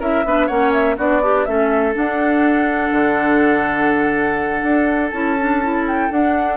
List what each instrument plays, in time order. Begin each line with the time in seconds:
0.00 bassoon C#4, clarinet E4, oboe A#4, flute E5
0.26 bassoon B3, clarinet D4, oboe B4
0.47 bassoon A#3, clarinet C#4, oboe C#5, flute F#5
0.73 flute E5
0.98 bassoon B3, clarinet D4, oboe F#4, flute D5
1.22 oboe D4, clarinet G4
1.46 bassoon A3, clarinet C#4, oboe A4, flute E5
1.93 clarinet D4, bassoon D4, flute F#5
2.92 bassoon D3
4.64 bassoon D4
5.11 bassoon C#4, clarinet E4, flute A5
5.40 clarinet D4
5.63 clarinet E4
5.88 flute G5
6.11 clarinet D4, bassoon D4, flute F#5